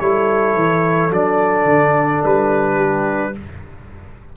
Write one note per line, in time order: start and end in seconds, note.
0.00 0.55 G3
0.00 1.11 E4
0.00 2.76 A4
0.00 1.12 C#5
0.55 1.11 E3
1.11 1.65 F#3
1.11 3.34 D4
1.11 2.24 D5
1.65 2.20 D3
2.25 3.36 G3
2.25 3.37 B4
2.76 3.31 G4